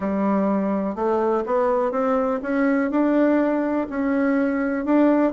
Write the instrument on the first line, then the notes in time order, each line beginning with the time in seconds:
bassoon
0.00 G3
0.95 A3
1.45 B3
1.91 C4
2.42 C#4
2.91 D4
3.89 C#4
4.85 D4